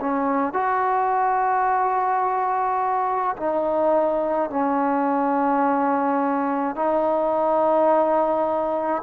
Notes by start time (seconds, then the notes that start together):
0.00 C#4
0.53 F#4
3.37 D#4
4.50 C#4
6.76 D#4